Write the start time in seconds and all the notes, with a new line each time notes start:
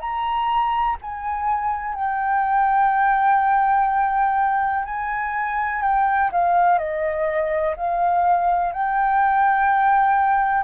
0.00 A#5
1.02 G#5
1.95 G5
4.85 G#5
5.82 G5
6.32 F5
6.78 D#5
7.76 F5
8.73 G5